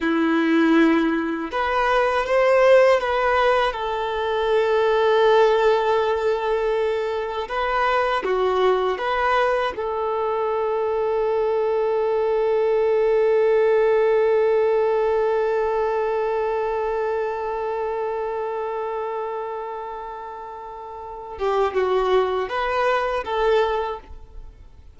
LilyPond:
\new Staff \with { instrumentName = "violin" } { \time 4/4 \tempo 4 = 80 e'2 b'4 c''4 | b'4 a'2.~ | a'2 b'4 fis'4 | b'4 a'2.~ |
a'1~ | a'1~ | a'1~ | a'8 g'8 fis'4 b'4 a'4 | }